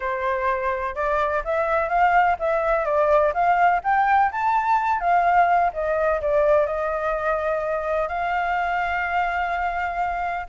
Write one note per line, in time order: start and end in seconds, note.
0.00 0.95 C5
0.95 1.43 D5
1.44 1.88 E5
1.88 2.36 F5
2.39 2.85 E5
2.85 3.32 D5
3.33 3.81 F5
3.83 4.31 G5
4.31 5.00 A5
5.00 5.71 F5
5.73 6.20 D#5
6.21 6.66 D5
6.66 8.08 D#5
8.08 10.46 F5